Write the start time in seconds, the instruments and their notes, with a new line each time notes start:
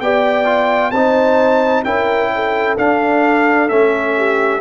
0.00 tuba B3, trombone G4, horn D5, trumpet G5
0.45 trombone F4
0.91 tuba C4, trombone D#4, horn C5, trumpet A5
1.84 tuba C#4, trombone E4, horn A#4, trumpet G5
2.35 horn A4
2.77 trombone D4, tuba D4, trumpet F5
3.68 tuba A3, trombone C#4, trumpet E5
4.17 horn G4